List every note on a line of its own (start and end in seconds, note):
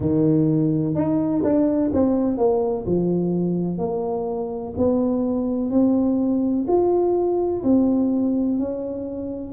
0.00 0.94 D#3
0.94 1.42 D#4
1.43 1.91 D4
1.93 2.37 C4
2.37 2.85 A#3
2.86 3.78 F3
3.78 4.73 A#3
4.77 5.70 B3
5.70 6.65 C4
6.67 7.62 F4
7.63 8.58 C4
8.58 9.53 C#4